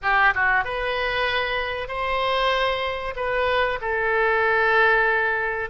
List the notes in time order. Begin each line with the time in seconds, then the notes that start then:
0.02 G4
0.34 F#4
0.64 B4
1.88 C5
3.16 B4
3.81 A4